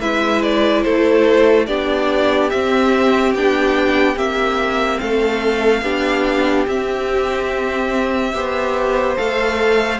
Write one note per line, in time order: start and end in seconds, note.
0.00 0.85 G#3
0.00 1.67 E4
0.00 0.84 B4
0.00 0.42 E5
0.42 0.82 D5
0.82 1.68 A3
0.82 1.67 A4
0.82 1.65 C5
1.66 2.51 B3
1.66 2.51 D4
1.66 5.01 G4
1.66 2.49 D5
2.49 3.34 C4
2.49 3.36 C4
2.49 3.33 E5
3.34 4.16 B3
3.34 4.15 D4
3.34 4.18 G5
4.15 4.99 A#3
4.15 5.81 C4
4.15 4.99 E5
4.99 5.82 A3
4.99 5.83 A4
4.99 6.66 F5
5.82 6.65 B3
5.82 6.66 D4
5.82 8.33 G4
6.66 8.33 C4
6.66 9.17 E5
8.33 9.17 B3
8.33 9.16 G4
8.33 9.99 C5
9.16 9.99 A3
9.16 9.99 A4
9.16 9.99 F5